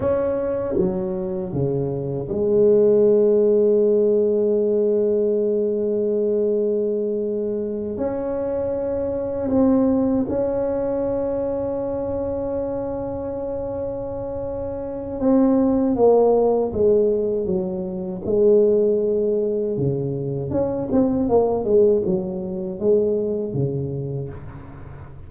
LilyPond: \new Staff \with { instrumentName = "tuba" } { \time 4/4 \tempo 4 = 79 cis'4 fis4 cis4 gis4~ | gis1~ | gis2~ gis8 cis'4.~ | cis'8 c'4 cis'2~ cis'8~ |
cis'1 | c'4 ais4 gis4 fis4 | gis2 cis4 cis'8 c'8 | ais8 gis8 fis4 gis4 cis4 | }